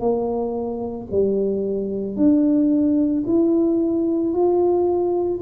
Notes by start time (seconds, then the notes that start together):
0.00 A#3
1.11 G3
2.17 D4
3.27 E4
4.33 F4